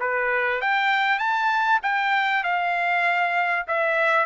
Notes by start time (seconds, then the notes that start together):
0.00 B4
0.61 G5
1.19 A5
1.83 G5
2.44 F5
3.68 E5